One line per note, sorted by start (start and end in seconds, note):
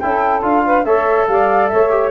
0.00 0.43 C#4
0.00 0.42 E4
0.00 0.65 A4
0.00 0.42 G5
0.42 0.85 D4
0.42 0.85 F4
0.42 0.85 F5
0.65 0.85 B4
0.85 1.27 A3
0.85 1.90 A4
0.85 1.27 C#5
0.85 1.27 E5
1.28 1.70 G3
1.28 1.71 D5
1.28 1.69 F5
1.69 2.11 A3
1.69 2.11 C#5
1.69 2.11 E5
1.90 2.11 G4